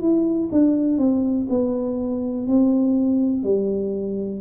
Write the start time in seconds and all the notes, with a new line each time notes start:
0.00 E4
0.51 D4
0.97 C4
1.49 B3
2.47 C4
3.43 G3